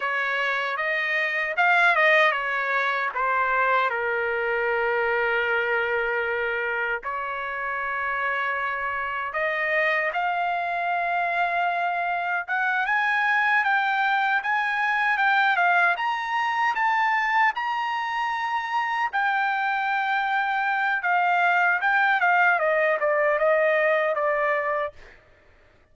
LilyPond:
\new Staff \with { instrumentName = "trumpet" } { \time 4/4 \tempo 4 = 77 cis''4 dis''4 f''8 dis''8 cis''4 | c''4 ais'2.~ | ais'4 cis''2. | dis''4 f''2. |
fis''8 gis''4 g''4 gis''4 g''8 | f''8 ais''4 a''4 ais''4.~ | ais''8 g''2~ g''8 f''4 | g''8 f''8 dis''8 d''8 dis''4 d''4 | }